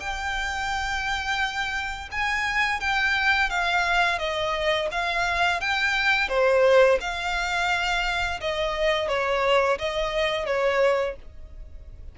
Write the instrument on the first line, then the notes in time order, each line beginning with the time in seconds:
violin
0.00 G5
2.12 G#5
2.80 G5
3.50 F5
4.19 D#5
4.92 F5
5.61 G5
6.29 C5
7.01 F5
8.41 D#5
9.09 C#5
9.79 D#5
10.46 C#5